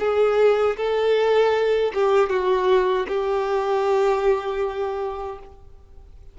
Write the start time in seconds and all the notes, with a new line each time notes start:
0.00 G#4
0.77 A4
1.94 G4
2.30 F#4
3.08 G4